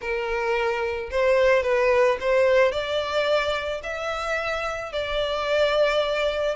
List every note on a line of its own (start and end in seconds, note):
0.01 1.10 A#4
1.10 1.62 C5
1.62 2.17 B4
2.20 2.72 C5
2.72 3.81 D5
3.83 4.92 E5
4.92 6.55 D5